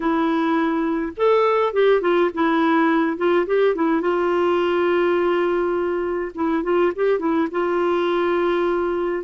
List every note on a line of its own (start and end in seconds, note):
0.00 1.12 E4
1.17 1.73 A4
1.73 2.01 G4
2.01 2.30 F4
2.34 3.17 E4
3.17 3.46 F4
3.46 3.75 G4
3.75 4.01 E4
4.01 6.31 F4
6.34 6.63 E4
6.63 6.92 F4
6.95 7.19 G4
7.19 7.48 E4
7.51 9.24 F4